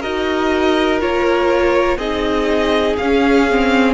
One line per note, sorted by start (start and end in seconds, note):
0.00 1.01 D#4
0.00 1.00 F#4
0.00 1.97 A#4
0.00 1.00 D#5
1.00 1.97 A#3
1.00 1.98 F4
1.00 1.98 C#5
1.97 2.95 C4
1.97 2.98 D#4
1.97 3.93 G#4
1.97 2.96 D#5
2.97 3.93 C#4
2.97 3.51 C#4
2.97 3.93 F5
3.51 3.93 C4